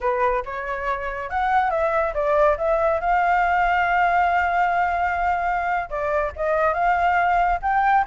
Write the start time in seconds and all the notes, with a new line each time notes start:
0.01 B4
0.45 C#5
1.29 F#5
1.70 E5
2.14 D5
2.57 E5
3.00 F5
5.89 D5
6.36 D#5
6.73 F5
7.61 G5